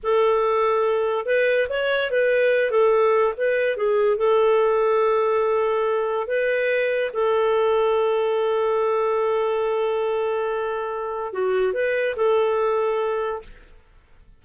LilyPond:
\new Staff \with { instrumentName = "clarinet" } { \time 4/4 \tempo 4 = 143 a'2. b'4 | cis''4 b'4. a'4. | b'4 gis'4 a'2~ | a'2. b'4~ |
b'4 a'2.~ | a'1~ | a'2. fis'4 | b'4 a'2. | }